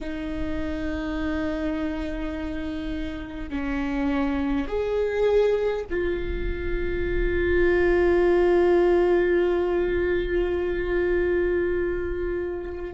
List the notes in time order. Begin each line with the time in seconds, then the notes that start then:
0.00 D#4
3.49 C#4
4.67 G#4
5.90 F4